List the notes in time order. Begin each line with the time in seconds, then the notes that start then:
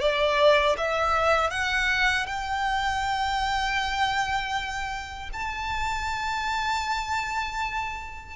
0.00 D5
0.77 E5
1.50 F#5
2.26 G5
5.33 A5